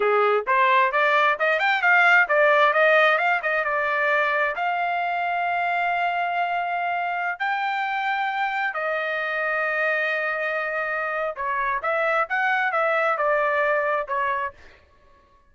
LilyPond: \new Staff \with { instrumentName = "trumpet" } { \time 4/4 \tempo 4 = 132 gis'4 c''4 d''4 dis''8 g''8 | f''4 d''4 dis''4 f''8 dis''8 | d''2 f''2~ | f''1~ |
f''16 g''2. dis''8.~ | dis''1~ | dis''4 cis''4 e''4 fis''4 | e''4 d''2 cis''4 | }